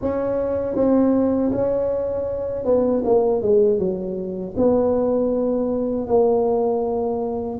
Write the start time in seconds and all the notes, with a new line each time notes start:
0.01 C#4
0.75 C4
1.52 C#4
2.64 B3
3.04 A#3
3.42 G#3
3.78 F#3
4.56 B3
6.07 A#3